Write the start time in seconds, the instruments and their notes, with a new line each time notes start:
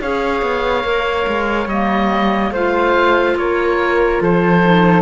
0.00 cello C#4, clarinet G#4, flute C#5, oboe F5
0.42 cello B3
0.83 cello A#3, clarinet A#4
1.27 cello G#3
1.66 cello G3, clarinet A#3, oboe D#5
2.51 cello A3, clarinet F4, flute C5, oboe F5
3.35 cello A#3, flute A#4, oboe C#5
4.21 cello F3, flute A4, oboe C5
4.63 clarinet D#4